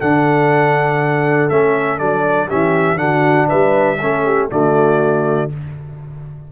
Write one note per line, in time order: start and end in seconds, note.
0.00 1.51 D3
0.00 1.51 D4
0.00 2.49 A4
0.00 1.50 F#5
1.50 2.01 A3
1.50 1.99 C#4
1.50 1.99 E5
1.99 2.51 F#3
1.99 2.49 D4
1.99 2.49 D5
2.49 2.96 E3
2.49 2.97 C#4
2.49 2.99 G4
2.49 2.98 E5
2.96 3.46 D3
2.96 3.97 D4
2.96 3.48 F#5
3.02 3.49 F#4
3.49 4.01 G3
3.49 3.99 B4
3.49 4.50 E5
4.00 4.51 A3
4.00 4.50 C#4
4.00 4.25 A4
4.25 4.50 G4
4.50 5.52 D3
4.50 5.50 A3
4.50 5.52 F#4
4.50 5.51 D5